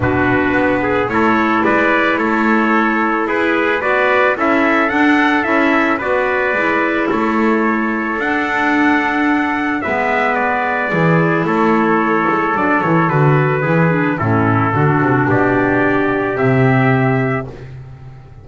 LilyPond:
<<
  \new Staff \with { instrumentName = "trumpet" } { \time 4/4 \tempo 4 = 110 b'2 cis''4 d''4 | cis''2 b'4 d''4 | e''4 fis''4 e''4 d''4~ | d''4 cis''2 fis''4~ |
fis''2 e''4 d''4~ | d''4 cis''2 d''8 cis''8 | b'2 a'2 | d''2 e''2 | }
  \new Staff \with { instrumentName = "trumpet" } { \time 4/4 fis'4. gis'8 a'4 b'4 | a'2 gis'4 b'4 | a'2. b'4~ | b'4 a'2.~ |
a'2 b'2 | gis'4 a'2.~ | a'4 gis'4 e'4 fis'4 | g'1 | }
  \new Staff \with { instrumentName = "clarinet" } { \time 4/4 d'2 e'2~ | e'2. fis'4 | e'4 d'4 e'4 fis'4 | e'2. d'4~ |
d'2 b2 | e'2. d'8 e'8 | fis'4 e'8 d'8 cis'4 d'4~ | d'2 c'2 | }
  \new Staff \with { instrumentName = "double bass" } { \time 4/4 b,4 b4 a4 gis4 | a2 e'4 b4 | cis'4 d'4 cis'4 b4 | gis4 a2 d'4~ |
d'2 gis2 | e4 a4. gis8 fis8 e8 | d4 e4 a,4 d8 c8 | b,2 c2 | }
>>